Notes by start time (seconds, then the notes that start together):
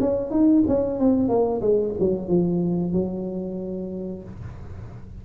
0.00 C#4
0.31 D#4
0.68 C#4
0.99 C4
1.28 A#3
1.61 G#3
1.99 F#3
2.28 F3
2.92 F#3